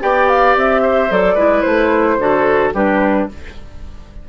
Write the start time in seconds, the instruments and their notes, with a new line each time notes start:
0.00 bassoon B3, clarinet G4, oboe D5, flute G5
0.29 flute F5
0.56 bassoon C4, flute E5
0.82 oboe C5
1.10 bassoon F#3, clarinet A4, flute D5
1.34 bassoon G#3, clarinet E4, oboe B4
1.61 bassoon A3, flute C5
2.18 bassoon D3, clarinet F#4, oboe A4
2.73 bassoon G3, clarinet D4, oboe G4, flute B4